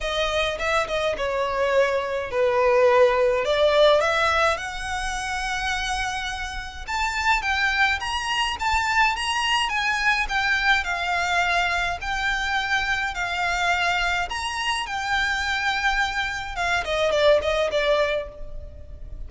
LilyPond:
\new Staff \with { instrumentName = "violin" } { \time 4/4 \tempo 4 = 105 dis''4 e''8 dis''8 cis''2 | b'2 d''4 e''4 | fis''1 | a''4 g''4 ais''4 a''4 |
ais''4 gis''4 g''4 f''4~ | f''4 g''2 f''4~ | f''4 ais''4 g''2~ | g''4 f''8 dis''8 d''8 dis''8 d''4 | }